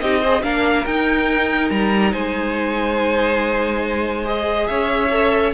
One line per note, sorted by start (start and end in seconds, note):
0.00 0.42 C4
0.00 0.23 D#4
0.00 0.20 G4
0.00 0.42 D#5
0.20 0.42 G#4
0.20 0.41 C5
0.42 0.85 A#3
0.42 0.84 D4
0.42 2.12 A#4
0.42 0.85 F5
0.85 1.70 D#4
0.85 4.24 D#4
0.85 1.70 G5
1.70 2.13 G3
1.70 2.12 A#5
2.12 4.69 G#3
2.12 4.67 C5
2.12 4.25 G#5
4.24 5.10 G#4
4.24 4.67 D#5
4.67 5.53 C#4
4.67 5.53 C#5
4.67 5.52 E5
5.11 5.53 A4